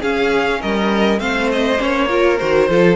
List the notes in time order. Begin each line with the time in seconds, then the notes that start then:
0.00 C#4 G#4 F5
0.61 G3 A#4 D#5
1.19 A3 C4 C5 F5
1.52 D#5
1.78 A#3 C#4 C#5
2.08 F4 A#4
2.38 D#3 F#4 C5
2.69 F3 F4 A4